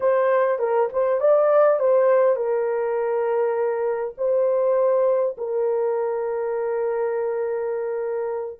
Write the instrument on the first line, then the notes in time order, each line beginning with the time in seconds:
horn
0.00 C5
0.59 A#4
0.92 C5
1.20 D5
1.79 C5
2.36 A#4
4.17 C5
5.37 A#4